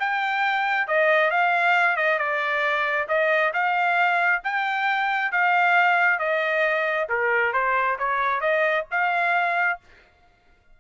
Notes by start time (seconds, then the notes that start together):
0.00 G5
0.88 D#5
1.31 F5
1.97 D#5
2.19 D5
3.08 D#5
3.54 F5
4.44 G5
5.32 F5
6.19 D#5
7.09 A#4
7.53 C5
7.99 C#5
8.41 D#5
8.91 F5